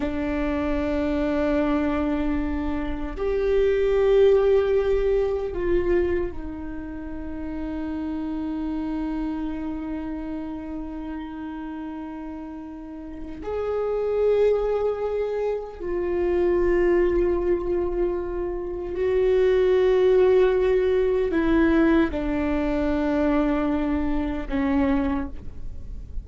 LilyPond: \new Staff \with { instrumentName = "viola" } { \time 4/4 \tempo 4 = 76 d'1 | g'2. f'4 | dis'1~ | dis'1~ |
dis'4 gis'2. | f'1 | fis'2. e'4 | d'2. cis'4 | }